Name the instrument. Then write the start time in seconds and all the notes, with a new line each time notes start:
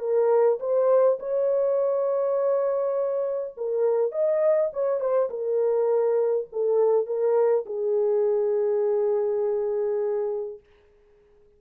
horn
0.00 A#4
0.60 C5
1.20 C#5
3.57 A#4
4.12 D#5
4.73 C#5
5.00 C5
5.30 A#4
6.52 A4
7.06 A#4
7.66 G#4